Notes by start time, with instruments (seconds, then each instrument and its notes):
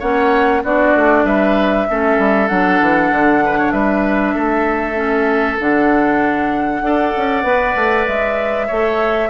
0.00 bassoon A#3, clarinet C#4, oboe C#5, flute F#5
0.64 bassoon B3, clarinet D4, oboe F#4, flute D5
0.96 bassoon A3
1.25 bassoon G3, oboe B4, flute E5
1.89 bassoon A3, clarinet C#4, oboe A4
2.19 bassoon G3
2.48 bassoon F#3, clarinet D4, flute F#5
2.81 bassoon E3
3.11 bassoon D3
3.45 oboe B4
3.59 oboe C#5
3.72 bassoon G3, oboe B4, flute E5
4.35 bassoon A3, oboe A4
4.95 clarinet C#4
5.60 bassoon D3, clarinet D4, flute F#5
6.82 bassoon D4, clarinet A4, oboe D5
7.17 bassoon C#4
7.44 bassoon B3, clarinet B4
7.76 bassoon A3
8.08 bassoon G#3, flute E5
8.67 bassoon A3, clarinet A4, oboe C#5